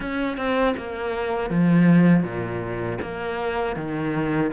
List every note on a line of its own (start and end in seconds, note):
0.00 0.37 C#4
0.37 0.74 C4
0.76 1.50 A#3
1.50 2.23 F3
2.23 2.98 A#2
3.01 3.76 A#3
3.76 4.51 D#3